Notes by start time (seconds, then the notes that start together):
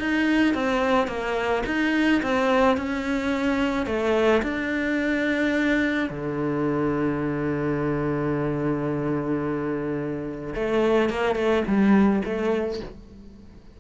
0.00 D#4
0.54 C4
1.08 A#3
1.66 D#4
2.23 C4
2.77 C#4
3.86 A3
4.43 D4
6.10 D3
10.55 A3
11.10 A#3
11.35 A3
11.67 G3
12.24 A3